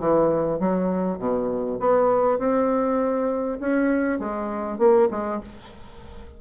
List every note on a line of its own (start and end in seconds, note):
0.00 0.60 E3
0.60 1.19 F#3
1.19 1.79 B2
1.80 2.39 B3
2.39 3.59 C4
3.61 4.19 C#4
4.19 4.79 G#3
4.79 5.09 A#3
5.11 5.41 G#3